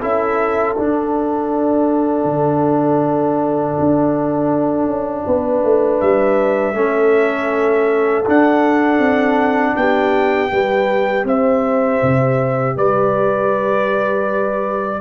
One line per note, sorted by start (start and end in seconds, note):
0.00 0.77 C#4
0.00 0.75 E4
0.00 5.25 A4
0.00 0.75 E5
0.75 2.24 D4
0.75 6.74 D4
0.75 6.00 F#5
2.24 3.74 D3
3.79 4.86 D4
4.86 5.24 C#4
5.26 5.63 B3
5.26 6.76 B4
5.63 6.01 A3
6.00 6.73 G3
6.00 8.25 E5
6.73 8.23 A3
6.73 8.24 C#4
6.73 9.77 A4
8.25 10.48 D4
8.25 8.98 D4
8.25 9.76 F#5
8.98 9.73 C4
9.76 10.51 B3
9.76 10.52 G4
9.76 11.26 G5
10.48 11.24 G3
10.48 14.98 G4
10.48 11.26 B4
11.24 11.99 C4
11.24 12.76 C5
11.24 12.77 E5
12.02 12.77 C3
12.76 15.01 G3
12.76 15.01 B4
12.76 15.01 D5